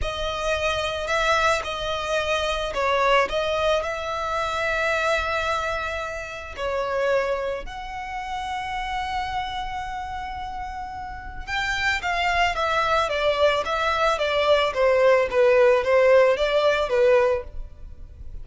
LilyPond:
\new Staff \with { instrumentName = "violin" } { \time 4/4 \tempo 4 = 110 dis''2 e''4 dis''4~ | dis''4 cis''4 dis''4 e''4~ | e''1 | cis''2 fis''2~ |
fis''1~ | fis''4 g''4 f''4 e''4 | d''4 e''4 d''4 c''4 | b'4 c''4 d''4 b'4 | }